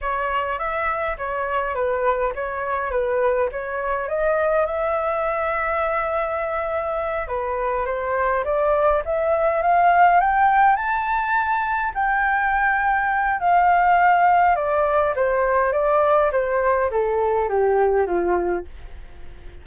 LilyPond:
\new Staff \with { instrumentName = "flute" } { \time 4/4 \tempo 4 = 103 cis''4 e''4 cis''4 b'4 | cis''4 b'4 cis''4 dis''4 | e''1~ | e''8 b'4 c''4 d''4 e''8~ |
e''8 f''4 g''4 a''4.~ | a''8 g''2~ g''8 f''4~ | f''4 d''4 c''4 d''4 | c''4 a'4 g'4 f'4 | }